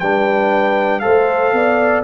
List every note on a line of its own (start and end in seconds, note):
0.00 1.04 G3
0.00 1.01 D4
0.00 1.03 B4
0.00 1.00 G5
1.00 1.53 A3
1.00 2.03 A4
1.00 1.54 C5
1.00 2.01 F5
1.53 2.04 B3
1.53 2.04 D5